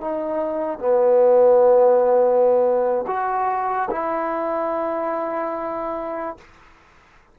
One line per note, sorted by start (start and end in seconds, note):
0.00 0.79 D#4
0.79 3.05 B3
3.06 3.89 F#4
3.90 6.37 E4